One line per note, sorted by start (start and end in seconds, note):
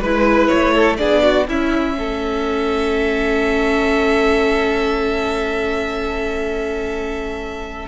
0.00 0.50 G#3
0.00 0.98 E4
0.00 0.74 B4
0.00 0.48 B4
0.48 1.02 A3
0.48 0.97 C#5
0.74 0.98 A4
0.97 1.49 B3
0.97 1.48 D4
0.97 1.23 G#4
0.97 1.47 D5
1.23 1.48 F#4
1.48 1.98 C#4
1.48 7.88 C#4
1.48 1.97 E4
1.48 7.88 E5
1.98 7.88 A3
1.98 7.88 A4